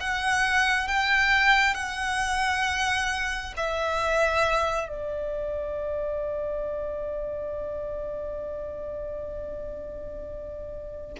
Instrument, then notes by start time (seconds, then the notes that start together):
violin
0.00 F#5
0.88 G5
1.74 F#5
3.57 E5
4.88 D5